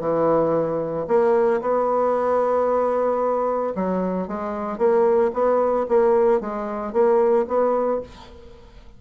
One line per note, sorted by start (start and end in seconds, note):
0.00 1.06 E3
1.07 1.60 A#3
1.61 3.73 B3
3.75 4.27 F#3
4.27 4.78 G#3
4.78 5.31 A#3
5.33 5.86 B3
5.88 6.40 A#3
6.40 6.92 G#3
6.92 7.46 A#3
7.47 8.01 B3